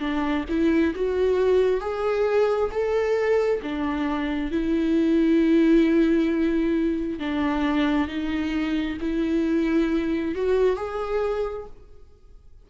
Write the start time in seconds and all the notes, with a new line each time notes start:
0.00 D4
0.49 E4
0.95 F#4
1.81 G#4
2.71 A4
3.62 D4
4.51 E4
7.19 D4
8.08 D#4
9.01 E4
10.35 F#4
10.76 G#4